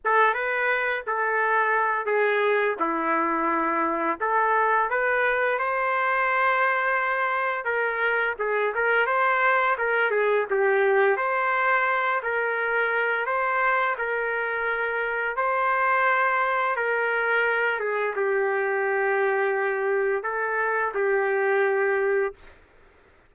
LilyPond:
\new Staff \with { instrumentName = "trumpet" } { \time 4/4 \tempo 4 = 86 a'8 b'4 a'4. gis'4 | e'2 a'4 b'4 | c''2. ais'4 | gis'8 ais'8 c''4 ais'8 gis'8 g'4 |
c''4. ais'4. c''4 | ais'2 c''2 | ais'4. gis'8 g'2~ | g'4 a'4 g'2 | }